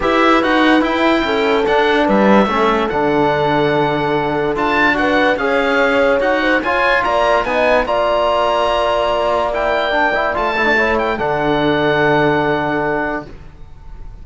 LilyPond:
<<
  \new Staff \with { instrumentName = "oboe" } { \time 4/4 \tempo 4 = 145 e''4 fis''4 g''2 | fis''4 e''2 fis''4~ | fis''2. a''4 | fis''4 f''2 fis''4 |
gis''4 ais''4 gis''4 ais''4~ | ais''2. g''4~ | g''4 a''4. g''8 fis''4~ | fis''1 | }
  \new Staff \with { instrumentName = "horn" } { \time 4/4 b'2. a'4~ | a'4 b'4 a'2~ | a'1 | b'4 cis''2~ cis''8 c''8 |
cis''4 d''4 dis''4 d''4~ | d''1~ | d''2 cis''4 a'4~ | a'1 | }
  \new Staff \with { instrumentName = "trombone" } { \time 4/4 g'4 fis'4 e'2 | d'2 cis'4 d'4~ | d'2. f'4 | fis'4 gis'2 fis'4 |
f'2 dis'4 f'4~ | f'2. e'4 | d'8 e'8 f'8 e'16 d'16 e'4 d'4~ | d'1 | }
  \new Staff \with { instrumentName = "cello" } { \time 4/4 e'4 dis'4 e'4 cis'4 | d'4 g4 a4 d4~ | d2. d'4~ | d'4 cis'2 dis'4 |
f'4 ais4 b4 ais4~ | ais1~ | ais4 a2 d4~ | d1 | }
>>